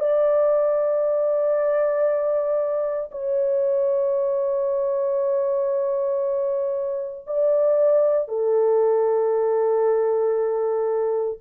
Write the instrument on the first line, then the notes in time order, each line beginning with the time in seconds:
horn
0.00 D5
3.11 C#5
7.26 D5
8.28 A4